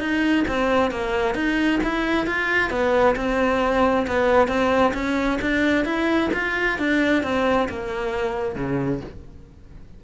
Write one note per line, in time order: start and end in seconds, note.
0.00 0.45 D#4
0.48 0.91 C4
0.91 1.35 A#3
1.35 1.80 D#4
1.84 2.27 E4
2.27 2.71 F4
2.71 3.16 B3
3.16 4.07 C4
4.07 4.48 B3
4.48 4.93 C4
4.94 5.40 C#4
5.42 5.85 D4
5.85 6.31 E4
6.34 6.79 F4
6.79 7.24 D4
7.24 7.69 C4
7.70 8.56 A#3
8.56 9.01 C#3